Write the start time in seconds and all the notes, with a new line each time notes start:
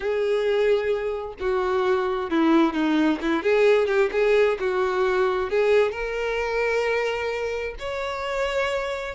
0.00 G#4
1.40 F#4
2.30 E4
2.73 D#4
3.21 E4
3.42 G#4
3.87 G4
4.12 G#4
4.59 F#4
5.50 G#4
5.91 A#4
7.79 C#5